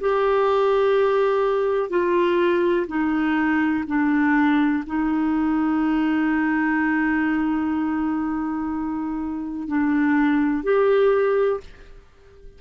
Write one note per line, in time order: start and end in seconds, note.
0.00 1.90 G4
1.90 2.86 F4
2.87 3.84 D#4
3.87 4.83 D4
4.86 9.68 D#4
9.68 10.63 D4
10.63 11.60 G4